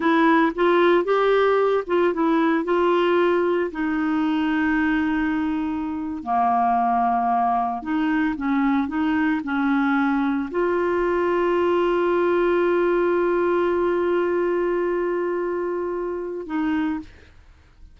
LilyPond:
\new Staff \with { instrumentName = "clarinet" } { \time 4/4 \tempo 4 = 113 e'4 f'4 g'4. f'8 | e'4 f'2 dis'4~ | dis'2.~ dis'8. ais16~ | ais2~ ais8. dis'4 cis'16~ |
cis'8. dis'4 cis'2 f'16~ | f'1~ | f'1~ | f'2. dis'4 | }